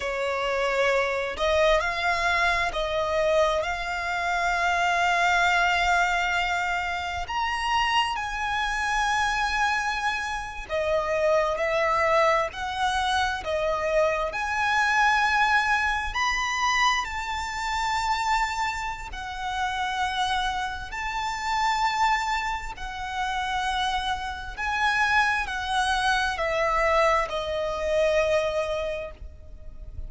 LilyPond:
\new Staff \with { instrumentName = "violin" } { \time 4/4 \tempo 4 = 66 cis''4. dis''8 f''4 dis''4 | f''1 | ais''4 gis''2~ gis''8. dis''16~ | dis''8. e''4 fis''4 dis''4 gis''16~ |
gis''4.~ gis''16 b''4 a''4~ a''16~ | a''4 fis''2 a''4~ | a''4 fis''2 gis''4 | fis''4 e''4 dis''2 | }